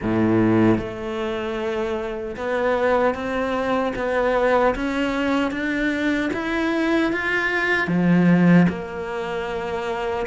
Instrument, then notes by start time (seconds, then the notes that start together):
cello
0.02 A2
0.78 A3
2.36 B3
3.14 C4
3.95 B3
4.75 C#4
5.51 D4
6.33 E4
7.12 F4
7.87 F3
8.68 A#3